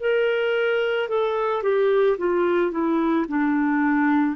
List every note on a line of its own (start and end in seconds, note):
0.00 1.09 A#4
1.09 1.63 A4
1.63 2.18 G4
2.18 2.72 F4
2.72 3.26 E4
3.29 4.36 D4